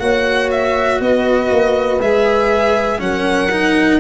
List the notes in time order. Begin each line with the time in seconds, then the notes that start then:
0.00 A#3 F#4 C#5 F#5
0.52 E5
1.00 B3 B4 D#5
1.51 A#3
2.01 G#3 G#4 E5
2.99 F#3 C#4 A#4 F#5
3.52 D#4